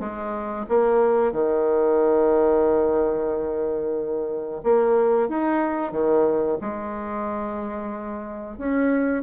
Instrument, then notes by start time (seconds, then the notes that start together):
bassoon
0.00 G#3
0.69 A#3
1.32 D#3
4.64 A#3
5.29 D#4
5.92 D#3
6.61 G#3
8.58 C#4